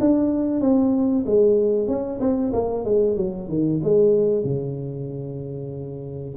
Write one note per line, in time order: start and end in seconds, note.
0.00 0.61 D4
0.61 1.24 C4
1.26 1.88 G#3
1.88 2.20 C#4
2.20 2.52 C4
2.53 2.85 A#3
2.85 3.17 G#3
3.17 3.49 F#3
3.49 3.81 D#3
3.83 4.44 G#3
4.44 6.35 C#3